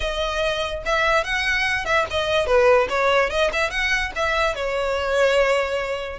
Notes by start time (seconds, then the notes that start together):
0.00 D#5
0.85 E5
1.23 F#5
1.85 E5
2.10 D#5
2.46 B4
2.89 C#5
3.30 D#5
3.52 E5
3.70 F#5
4.15 E5
4.55 C#5